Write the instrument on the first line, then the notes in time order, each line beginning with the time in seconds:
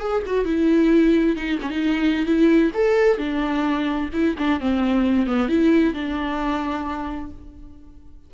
viola
0.00 G#4
0.26 F#4
0.45 E4
1.36 D#4
1.62 C#4
1.70 D#4
2.26 E4
2.74 A4
3.18 D4
4.13 E4
4.39 D4
4.61 C4
5.27 B3
5.49 E4
5.94 D4